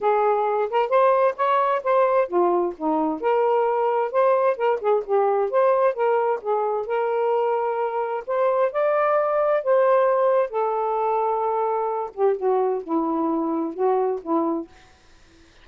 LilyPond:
\new Staff \with { instrumentName = "saxophone" } { \time 4/4 \tempo 4 = 131 gis'4. ais'8 c''4 cis''4 | c''4 f'4 dis'4 ais'4~ | ais'4 c''4 ais'8 gis'8 g'4 | c''4 ais'4 gis'4 ais'4~ |
ais'2 c''4 d''4~ | d''4 c''2 a'4~ | a'2~ a'8 g'8 fis'4 | e'2 fis'4 e'4 | }